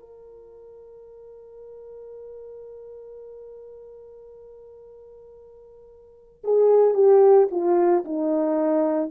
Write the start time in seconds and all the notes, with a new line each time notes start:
0.00 A#4
6.44 G#4
6.94 G4
7.51 F4
8.05 D#4